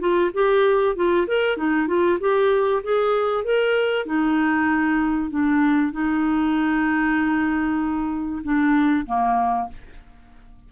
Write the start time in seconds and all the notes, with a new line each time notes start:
0.00 F4
0.34 G4
0.96 F4
1.28 A#4
1.57 D#4
1.88 F4
2.20 G4
2.84 G#4
3.44 A#4
4.06 D#4
5.30 D4
5.92 D#4
8.43 D4
9.07 A#3